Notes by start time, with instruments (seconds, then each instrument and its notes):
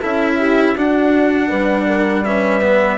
0.00 bassoon C#4, cello E4, horn A4, trumpet E5
0.39 horn G4
0.76 bassoon D4, cello D4, horn F#4, trumpet F#5
1.48 bassoon G3, horn B4
1.87 horn A#4
2.25 cello C#4, horn B4, trumpet E5
2.62 cello B3